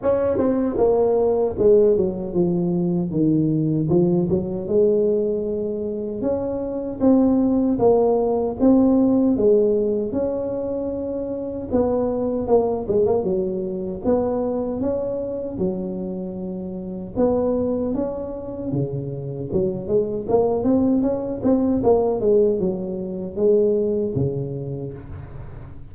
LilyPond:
\new Staff \with { instrumentName = "tuba" } { \time 4/4 \tempo 4 = 77 cis'8 c'8 ais4 gis8 fis8 f4 | dis4 f8 fis8 gis2 | cis'4 c'4 ais4 c'4 | gis4 cis'2 b4 |
ais8 gis16 ais16 fis4 b4 cis'4 | fis2 b4 cis'4 | cis4 fis8 gis8 ais8 c'8 cis'8 c'8 | ais8 gis8 fis4 gis4 cis4 | }